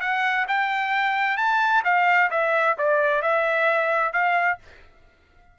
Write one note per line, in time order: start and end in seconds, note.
0.00 0.45 F#5
0.48 1.37 G5
1.37 1.82 A5
1.84 2.30 F5
2.30 2.76 E5
2.78 3.21 D5
3.21 4.12 E5
4.12 4.58 F5